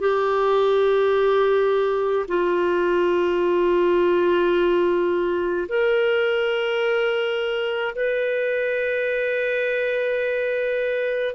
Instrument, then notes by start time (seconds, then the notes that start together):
clarinet
0.00 G4
2.28 F4
5.69 A#4
7.96 B4